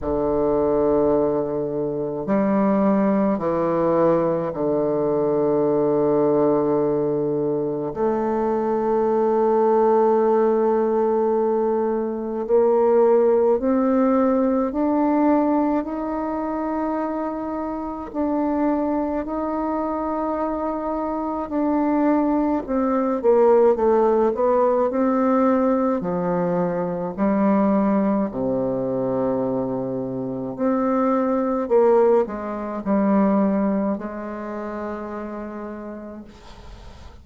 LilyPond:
\new Staff \with { instrumentName = "bassoon" } { \time 4/4 \tempo 4 = 53 d2 g4 e4 | d2. a4~ | a2. ais4 | c'4 d'4 dis'2 |
d'4 dis'2 d'4 | c'8 ais8 a8 b8 c'4 f4 | g4 c2 c'4 | ais8 gis8 g4 gis2 | }